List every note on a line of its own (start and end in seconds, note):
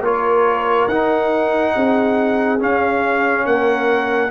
0.00 0.86 A#3
0.00 0.89 F4
0.00 1.74 A#4
0.00 0.88 C#5
0.88 1.74 D#4
0.88 2.59 D#4
0.88 2.59 F#5
1.75 2.61 C4
1.75 3.46 G#4
2.59 4.30 C#4
2.59 3.45 C#4
2.59 3.46 F5
3.45 4.30 A#3
3.45 4.30 A#4
3.45 4.30 F#5